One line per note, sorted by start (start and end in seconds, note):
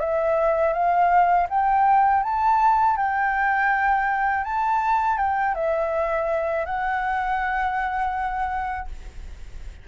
0.00 0.73 E5
0.73 1.47 F5
1.49 2.23 G5
2.23 2.97 A5
2.97 4.44 G5
4.44 5.18 A5
5.18 5.55 G5
5.55 6.66 E5
6.66 8.88 F#5